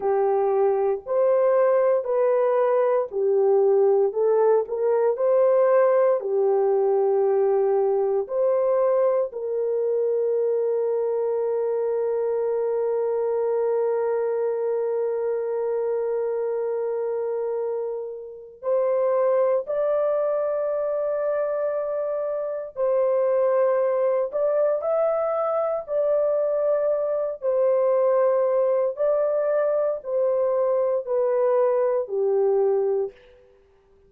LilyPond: \new Staff \with { instrumentName = "horn" } { \time 4/4 \tempo 4 = 58 g'4 c''4 b'4 g'4 | a'8 ais'8 c''4 g'2 | c''4 ais'2.~ | ais'1~ |
ais'2 c''4 d''4~ | d''2 c''4. d''8 | e''4 d''4. c''4. | d''4 c''4 b'4 g'4 | }